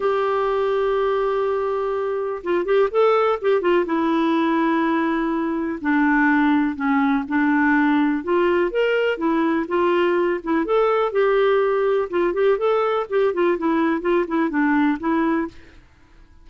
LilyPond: \new Staff \with { instrumentName = "clarinet" } { \time 4/4 \tempo 4 = 124 g'1~ | g'4 f'8 g'8 a'4 g'8 f'8 | e'1 | d'2 cis'4 d'4~ |
d'4 f'4 ais'4 e'4 | f'4. e'8 a'4 g'4~ | g'4 f'8 g'8 a'4 g'8 f'8 | e'4 f'8 e'8 d'4 e'4 | }